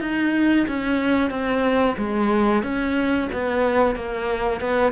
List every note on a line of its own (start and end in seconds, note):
0.00 0.66 D#4
0.68 1.30 C#4
1.30 1.96 C4
1.98 2.63 G#3
2.63 3.29 C#4
3.32 3.95 B3
3.95 4.60 A#3
4.60 4.92 B3